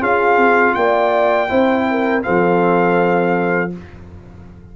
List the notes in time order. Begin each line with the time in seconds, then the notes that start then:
0.00 C#4 F4 G#4 F5
0.37 C4
0.74 A#3 D5 G5
1.48 C4 E4 C5
1.90 A#4
2.22 C4 A4 F5
2.28 F3